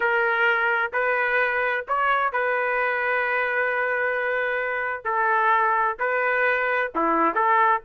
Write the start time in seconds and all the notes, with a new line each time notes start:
0.00 A#4
0.92 B4
1.88 C#5
2.32 B4
5.04 A4
5.99 B4
6.95 E4
7.34 A4